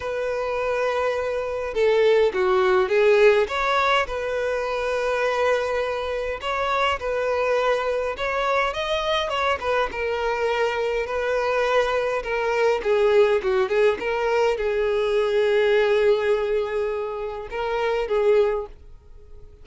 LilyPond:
\new Staff \with { instrumentName = "violin" } { \time 4/4 \tempo 4 = 103 b'2. a'4 | fis'4 gis'4 cis''4 b'4~ | b'2. cis''4 | b'2 cis''4 dis''4 |
cis''8 b'8 ais'2 b'4~ | b'4 ais'4 gis'4 fis'8 gis'8 | ais'4 gis'2.~ | gis'2 ais'4 gis'4 | }